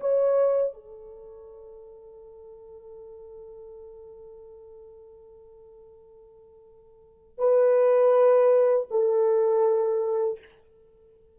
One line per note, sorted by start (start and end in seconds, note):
0.00 0.73 C#5
0.73 7.38 A4
7.38 8.87 B4
8.91 10.39 A4